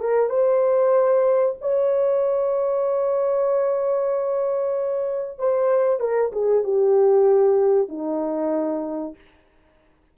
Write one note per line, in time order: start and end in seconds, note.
0.00 0.29 A#4
0.29 1.56 C5
1.61 5.38 C#5
5.38 6.00 C5
6.00 6.31 A#4
6.32 6.64 G#4
6.64 7.88 G4
7.88 9.15 D#4